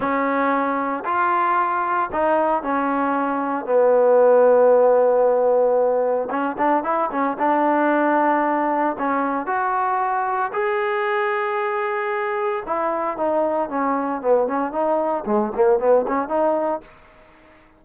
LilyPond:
\new Staff \with { instrumentName = "trombone" } { \time 4/4 \tempo 4 = 114 cis'2 f'2 | dis'4 cis'2 b4~ | b1 | cis'8 d'8 e'8 cis'8 d'2~ |
d'4 cis'4 fis'2 | gis'1 | e'4 dis'4 cis'4 b8 cis'8 | dis'4 gis8 ais8 b8 cis'8 dis'4 | }